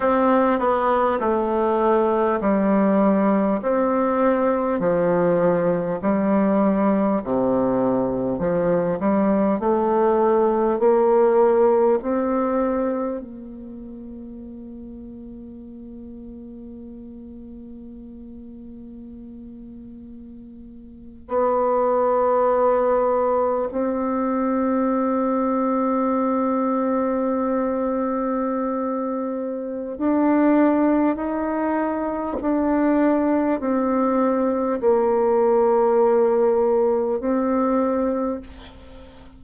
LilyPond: \new Staff \with { instrumentName = "bassoon" } { \time 4/4 \tempo 4 = 50 c'8 b8 a4 g4 c'4 | f4 g4 c4 f8 g8 | a4 ais4 c'4 ais4~ | ais1~ |
ais4.~ ais16 b2 c'16~ | c'1~ | c'4 d'4 dis'4 d'4 | c'4 ais2 c'4 | }